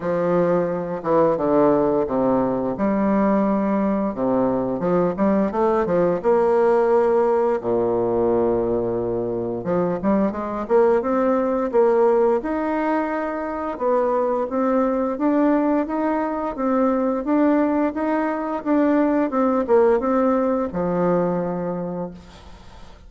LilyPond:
\new Staff \with { instrumentName = "bassoon" } { \time 4/4 \tempo 4 = 87 f4. e8 d4 c4 | g2 c4 f8 g8 | a8 f8 ais2 ais,4~ | ais,2 f8 g8 gis8 ais8 |
c'4 ais4 dis'2 | b4 c'4 d'4 dis'4 | c'4 d'4 dis'4 d'4 | c'8 ais8 c'4 f2 | }